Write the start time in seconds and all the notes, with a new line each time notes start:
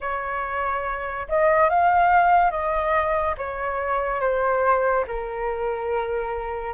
0.00 C#5
1.28 D#5
1.69 F5
2.50 D#5
3.37 C#5
4.20 C5
5.07 A#4